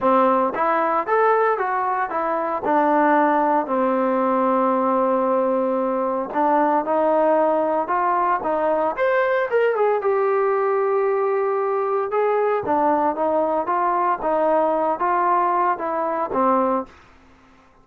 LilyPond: \new Staff \with { instrumentName = "trombone" } { \time 4/4 \tempo 4 = 114 c'4 e'4 a'4 fis'4 | e'4 d'2 c'4~ | c'1 | d'4 dis'2 f'4 |
dis'4 c''4 ais'8 gis'8 g'4~ | g'2. gis'4 | d'4 dis'4 f'4 dis'4~ | dis'8 f'4. e'4 c'4 | }